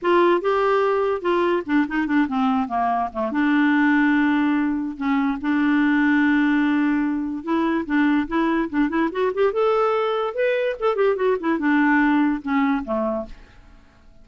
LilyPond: \new Staff \with { instrumentName = "clarinet" } { \time 4/4 \tempo 4 = 145 f'4 g'2 f'4 | d'8 dis'8 d'8 c'4 ais4 a8 | d'1 | cis'4 d'2.~ |
d'2 e'4 d'4 | e'4 d'8 e'8 fis'8 g'8 a'4~ | a'4 b'4 a'8 g'8 fis'8 e'8 | d'2 cis'4 a4 | }